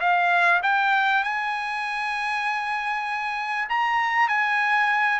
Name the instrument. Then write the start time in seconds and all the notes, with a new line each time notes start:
trumpet
0.00 F5
0.63 G5
1.23 G#5
3.69 A#5
4.28 G#5